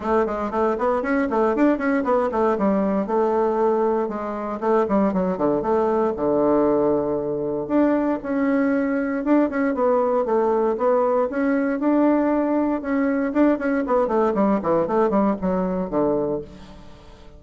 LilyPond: \new Staff \with { instrumentName = "bassoon" } { \time 4/4 \tempo 4 = 117 a8 gis8 a8 b8 cis'8 a8 d'8 cis'8 | b8 a8 g4 a2 | gis4 a8 g8 fis8 d8 a4 | d2. d'4 |
cis'2 d'8 cis'8 b4 | a4 b4 cis'4 d'4~ | d'4 cis'4 d'8 cis'8 b8 a8 | g8 e8 a8 g8 fis4 d4 | }